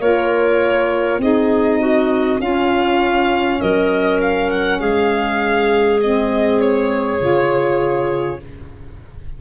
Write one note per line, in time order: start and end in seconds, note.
0.00 1.19 A#3
0.00 1.20 F4
0.00 1.21 A#4
0.00 1.22 C#5
1.19 2.39 C4
1.19 2.40 D#4
1.19 1.80 G#4
1.19 2.41 D#5
1.80 2.40 F#4
2.40 3.60 C#4
2.40 6.00 C#4
2.40 3.60 F4
2.40 3.61 F5
3.60 4.82 F#3
3.60 4.80 A#4
3.60 4.21 D#5
4.21 4.51 F5
4.51 4.80 F#5
4.80 7.21 G#3
4.80 8.40 G#4
4.80 6.00 F5
6.01 7.20 C4
6.01 6.61 D#5
6.61 8.41 C#5
7.20 8.41 C#3
7.20 8.40 F4